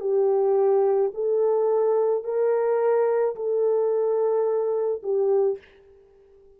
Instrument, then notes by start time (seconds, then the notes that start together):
horn
0.00 G4
1.14 A4
2.24 A#4
3.35 A4
5.02 G4